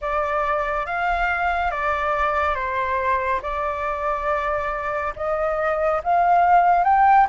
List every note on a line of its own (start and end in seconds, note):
0.01 0.86 D5
0.86 1.71 F5
1.71 2.54 D5
2.54 3.40 C5
3.42 5.13 D5
5.15 6.01 D#5
6.04 6.84 F5
6.84 7.27 G5